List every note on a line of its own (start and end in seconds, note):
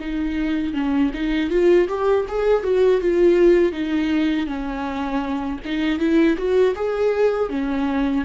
0.00 0.74 D#4
0.74 1.11 C#4
1.14 1.50 D#4
1.50 1.88 F4
1.89 2.26 G4
2.28 2.64 G#4
2.64 3.01 F#4
3.01 3.72 F4
3.72 4.47 D#4
4.47 5.59 C#4
5.65 5.99 D#4
5.99 6.37 E4
6.38 6.75 F#4
6.76 7.50 G#4
7.50 8.25 C#4